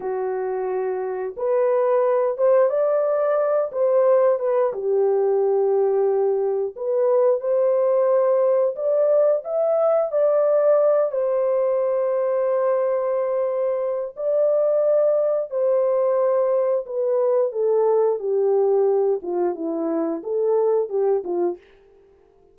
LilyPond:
\new Staff \with { instrumentName = "horn" } { \time 4/4 \tempo 4 = 89 fis'2 b'4. c''8 | d''4. c''4 b'8 g'4~ | g'2 b'4 c''4~ | c''4 d''4 e''4 d''4~ |
d''8 c''2.~ c''8~ | c''4 d''2 c''4~ | c''4 b'4 a'4 g'4~ | g'8 f'8 e'4 a'4 g'8 f'8 | }